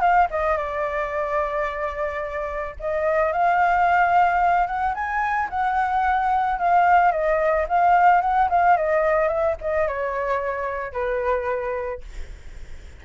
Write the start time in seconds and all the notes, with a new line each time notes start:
0.00 F5
0.30 D#5
0.57 D5
2.79 D#5
3.32 F5
4.66 F#5
4.94 G#5
5.49 F#5
6.59 F5
7.11 D#5
7.68 F5
8.21 F#5
8.49 F5
8.76 D#5
9.28 E5
9.61 D#5
9.87 C#5
10.92 B4